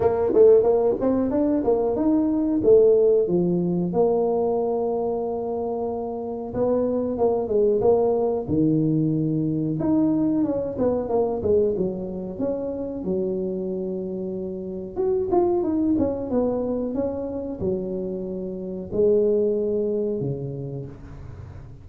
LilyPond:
\new Staff \with { instrumentName = "tuba" } { \time 4/4 \tempo 4 = 92 ais8 a8 ais8 c'8 d'8 ais8 dis'4 | a4 f4 ais2~ | ais2 b4 ais8 gis8 | ais4 dis2 dis'4 |
cis'8 b8 ais8 gis8 fis4 cis'4 | fis2. fis'8 f'8 | dis'8 cis'8 b4 cis'4 fis4~ | fis4 gis2 cis4 | }